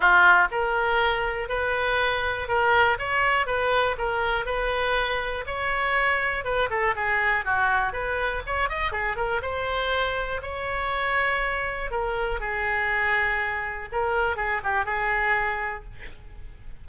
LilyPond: \new Staff \with { instrumentName = "oboe" } { \time 4/4 \tempo 4 = 121 f'4 ais'2 b'4~ | b'4 ais'4 cis''4 b'4 | ais'4 b'2 cis''4~ | cis''4 b'8 a'8 gis'4 fis'4 |
b'4 cis''8 dis''8 gis'8 ais'8 c''4~ | c''4 cis''2. | ais'4 gis'2. | ais'4 gis'8 g'8 gis'2 | }